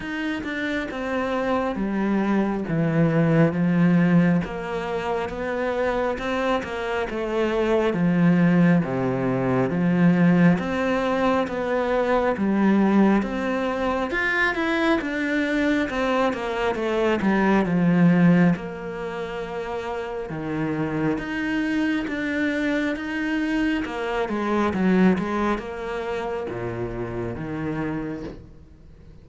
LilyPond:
\new Staff \with { instrumentName = "cello" } { \time 4/4 \tempo 4 = 68 dis'8 d'8 c'4 g4 e4 | f4 ais4 b4 c'8 ais8 | a4 f4 c4 f4 | c'4 b4 g4 c'4 |
f'8 e'8 d'4 c'8 ais8 a8 g8 | f4 ais2 dis4 | dis'4 d'4 dis'4 ais8 gis8 | fis8 gis8 ais4 ais,4 dis4 | }